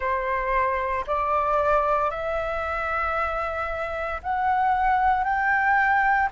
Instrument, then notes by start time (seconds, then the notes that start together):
flute
0.00 C5
1.06 D5
2.10 E5
4.22 F#5
5.23 G5